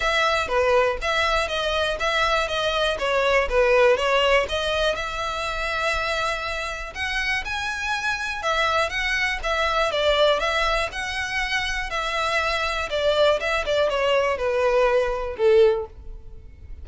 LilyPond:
\new Staff \with { instrumentName = "violin" } { \time 4/4 \tempo 4 = 121 e''4 b'4 e''4 dis''4 | e''4 dis''4 cis''4 b'4 | cis''4 dis''4 e''2~ | e''2 fis''4 gis''4~ |
gis''4 e''4 fis''4 e''4 | d''4 e''4 fis''2 | e''2 d''4 e''8 d''8 | cis''4 b'2 a'4 | }